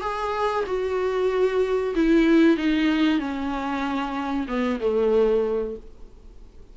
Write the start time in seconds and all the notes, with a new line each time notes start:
0.00 G#4
0.66 F#4
1.95 E4
2.57 D#4
3.19 C#4
4.47 B3
4.80 A3